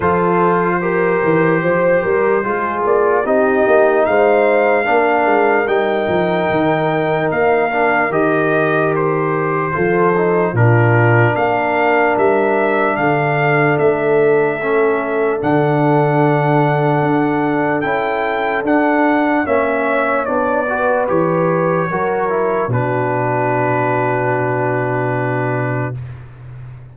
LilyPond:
<<
  \new Staff \with { instrumentName = "trumpet" } { \time 4/4 \tempo 4 = 74 c''2.~ c''8 d''8 | dis''4 f''2 g''4~ | g''4 f''4 dis''4 c''4~ | c''4 ais'4 f''4 e''4 |
f''4 e''2 fis''4~ | fis''2 g''4 fis''4 | e''4 d''4 cis''2 | b'1 | }
  \new Staff \with { instrumentName = "horn" } { \time 4/4 a'4 ais'4 c''8 ais'8 gis'4 | g'4 c''4 ais'2~ | ais'1 | a'4 f'4 ais'2 |
a'1~ | a'1 | cis''4. b'4. ais'4 | fis'1 | }
  \new Staff \with { instrumentName = "trombone" } { \time 4/4 f'4 g'2 f'4 | dis'2 d'4 dis'4~ | dis'4. d'8 g'2 | f'8 dis'8 d'2.~ |
d'2 cis'4 d'4~ | d'2 e'4 d'4 | cis'4 d'8 fis'8 g'4 fis'8 e'8 | d'1 | }
  \new Staff \with { instrumentName = "tuba" } { \time 4/4 f4. e8 f8 g8 gis8 ais8 | c'8 ais8 gis4 ais8 gis8 g8 f8 | dis4 ais4 dis2 | f4 ais,4 ais4 g4 |
d4 a2 d4~ | d4 d'4 cis'4 d'4 | ais4 b4 e4 fis4 | b,1 | }
>>